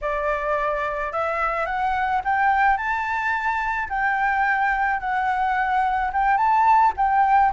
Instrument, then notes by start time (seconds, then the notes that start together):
flute
0.01 D5
1.12 E5
1.66 F#5
2.24 G5
2.77 A5
3.89 G5
5.00 F#5
6.12 G5
6.37 A5
6.96 G5